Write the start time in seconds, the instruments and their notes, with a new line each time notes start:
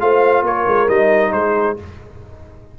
0.00 tuba A3, trombone F4, horn C5, trumpet F5
0.43 tuba A#3, horn A#4, trumpet C#5
0.67 tuba G#3
0.88 tuba G3, trombone D#4, trumpet D#5
1.32 tuba G#3, horn G#4, trumpet C5